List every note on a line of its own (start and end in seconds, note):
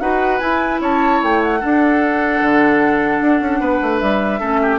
0.00 0.40 D#4
0.00 0.40 F#4
0.00 0.81 B4
0.00 0.39 F#5
0.39 1.60 E4
0.39 0.80 E4
0.39 0.79 G#5
0.80 1.20 C#4
0.80 1.59 C#5
0.80 1.23 A5
1.22 1.62 A3
1.22 1.42 G5
1.42 3.98 F#5
1.59 4.40 D4
1.59 2.41 D4
1.59 3.59 A4
2.41 3.21 D3
3.21 3.41 D4
3.41 3.60 C#4
3.60 3.80 B3
3.60 4.40 B4
3.82 4.01 A3
3.98 4.40 G3
3.98 4.78 E5
4.40 4.79 A3
4.40 4.79 C#4
4.40 4.60 A4
4.62 4.79 G4